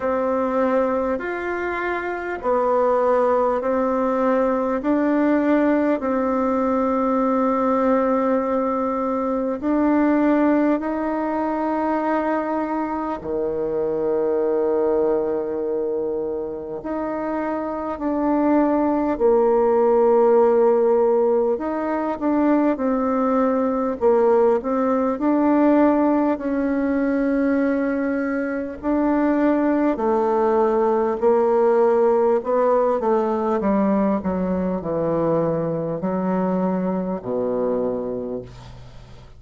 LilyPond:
\new Staff \with { instrumentName = "bassoon" } { \time 4/4 \tempo 4 = 50 c'4 f'4 b4 c'4 | d'4 c'2. | d'4 dis'2 dis4~ | dis2 dis'4 d'4 |
ais2 dis'8 d'8 c'4 | ais8 c'8 d'4 cis'2 | d'4 a4 ais4 b8 a8 | g8 fis8 e4 fis4 b,4 | }